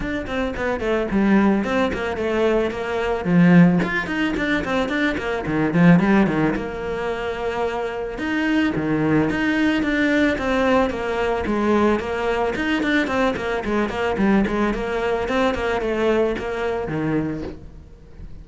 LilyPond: \new Staff \with { instrumentName = "cello" } { \time 4/4 \tempo 4 = 110 d'8 c'8 b8 a8 g4 c'8 ais8 | a4 ais4 f4 f'8 dis'8 | d'8 c'8 d'8 ais8 dis8 f8 g8 dis8 | ais2. dis'4 |
dis4 dis'4 d'4 c'4 | ais4 gis4 ais4 dis'8 d'8 | c'8 ais8 gis8 ais8 g8 gis8 ais4 | c'8 ais8 a4 ais4 dis4 | }